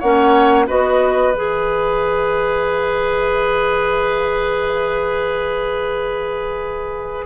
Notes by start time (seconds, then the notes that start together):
0.00 A#3 C#4 C#5 F#5
0.67 B3 F#4 B4 D#5
1.34 E3 G#4 E5